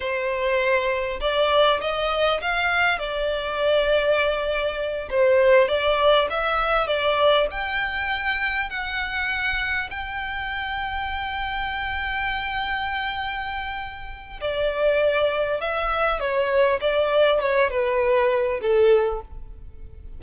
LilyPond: \new Staff \with { instrumentName = "violin" } { \time 4/4 \tempo 4 = 100 c''2 d''4 dis''4 | f''4 d''2.~ | d''8 c''4 d''4 e''4 d''8~ | d''8 g''2 fis''4.~ |
fis''8 g''2.~ g''8~ | g''1 | d''2 e''4 cis''4 | d''4 cis''8 b'4. a'4 | }